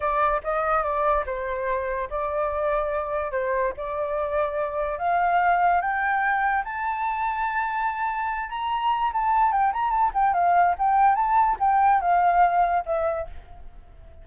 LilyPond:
\new Staff \with { instrumentName = "flute" } { \time 4/4 \tempo 4 = 145 d''4 dis''4 d''4 c''4~ | c''4 d''2. | c''4 d''2. | f''2 g''2 |
a''1~ | a''8 ais''4. a''4 g''8 ais''8 | a''8 g''8 f''4 g''4 a''4 | g''4 f''2 e''4 | }